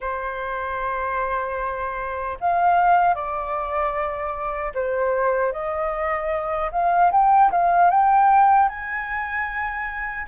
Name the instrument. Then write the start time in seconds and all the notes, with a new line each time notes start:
flute
0.00 C5
2.40 F5
3.14 D5
4.74 C5
5.52 D#5
6.71 F5
7.11 G5
7.51 F5
7.90 G5
8.68 G#5